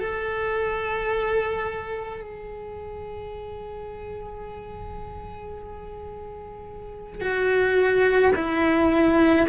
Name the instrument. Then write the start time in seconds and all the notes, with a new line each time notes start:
cello
0.00 A4
2.21 G#4
7.21 F#4
8.36 E4